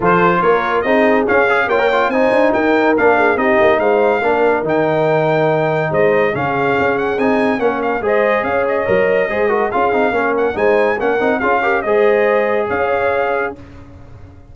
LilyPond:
<<
  \new Staff \with { instrumentName = "trumpet" } { \time 4/4 \tempo 4 = 142 c''4 cis''4 dis''4 f''4 | g''4 gis''4 g''4 f''4 | dis''4 f''2 g''4~ | g''2 dis''4 f''4~ |
f''8 fis''8 gis''4 fis''8 f''8 dis''4 | f''8 dis''2~ dis''8 f''4~ | f''8 fis''8 gis''4 fis''4 f''4 | dis''2 f''2 | }
  \new Staff \with { instrumentName = "horn" } { \time 4/4 a'4 ais'4 gis'2 | cis''4 c''4 ais'4. gis'8 | g'4 c''4 ais'2~ | ais'2 c''4 gis'4~ |
gis'2 ais'4 c''4 | cis''2 c''8 ais'8 gis'4 | ais'4 c''4 ais'4 gis'8 ais'8 | c''2 cis''2 | }
  \new Staff \with { instrumentName = "trombone" } { \time 4/4 f'2 dis'4 cis'8 gis'8 | f'16 ais'16 f'8 dis'2 d'4 | dis'2 d'4 dis'4~ | dis'2. cis'4~ |
cis'4 dis'4 cis'4 gis'4~ | gis'4 ais'4 gis'8 fis'8 f'8 dis'8 | cis'4 dis'4 cis'8 dis'8 f'8 g'8 | gis'1 | }
  \new Staff \with { instrumentName = "tuba" } { \time 4/4 f4 ais4 c'4 cis'4 | ais4 c'8 d'8 dis'4 ais4 | c'8 ais8 gis4 ais4 dis4~ | dis2 gis4 cis4 |
cis'4 c'4 ais4 gis4 | cis'4 fis4 gis4 cis'8 c'8 | ais4 gis4 ais8 c'8 cis'4 | gis2 cis'2 | }
>>